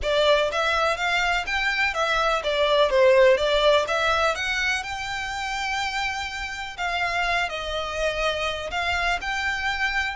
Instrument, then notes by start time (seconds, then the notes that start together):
violin
0.02 D5
0.51 E5
0.97 F5
1.46 G5
1.94 E5
2.43 D5
2.89 C5
3.37 D5
3.87 E5
4.35 F#5
4.83 G5
6.77 F5
7.49 D#5
8.71 F5
9.21 G5